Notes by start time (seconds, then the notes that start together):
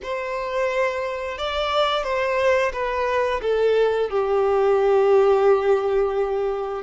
0.02 C5
1.38 D5
2.03 C5
2.72 B4
3.41 A4
4.10 G4